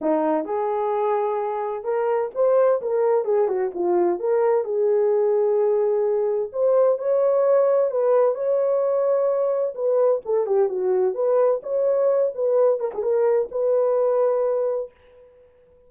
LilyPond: \new Staff \with { instrumentName = "horn" } { \time 4/4 \tempo 4 = 129 dis'4 gis'2. | ais'4 c''4 ais'4 gis'8 fis'8 | f'4 ais'4 gis'2~ | gis'2 c''4 cis''4~ |
cis''4 b'4 cis''2~ | cis''4 b'4 a'8 g'8 fis'4 | b'4 cis''4. b'4 ais'16 gis'16 | ais'4 b'2. | }